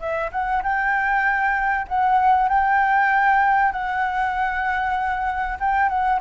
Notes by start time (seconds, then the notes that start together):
0.00 E5
0.32 F#5
0.64 G5
1.88 F#5
2.49 G5
3.73 F#5
5.60 G5
5.89 F#5